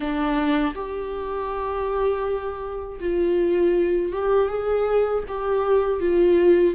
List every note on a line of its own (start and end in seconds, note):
0.00 0.74 D4
0.74 2.99 G4
3.00 4.12 F4
4.12 4.48 G4
4.48 5.23 G#4
5.27 6.00 G4
6.00 6.74 F4